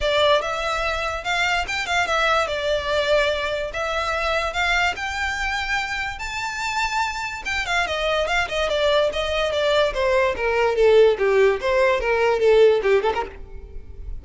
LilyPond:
\new Staff \with { instrumentName = "violin" } { \time 4/4 \tempo 4 = 145 d''4 e''2 f''4 | g''8 f''8 e''4 d''2~ | d''4 e''2 f''4 | g''2. a''4~ |
a''2 g''8 f''8 dis''4 | f''8 dis''8 d''4 dis''4 d''4 | c''4 ais'4 a'4 g'4 | c''4 ais'4 a'4 g'8 a'16 ais'16 | }